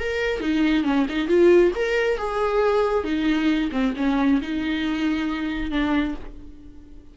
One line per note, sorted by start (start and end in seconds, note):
0.00 0.41 A#4
0.41 0.84 D#4
0.84 1.06 C#4
1.09 1.28 D#4
1.28 1.72 F4
1.75 2.18 A#4
2.18 3.04 G#4
3.04 3.70 D#4
3.72 3.94 C4
3.97 4.41 C#4
4.42 5.71 D#4
5.71 6.15 D4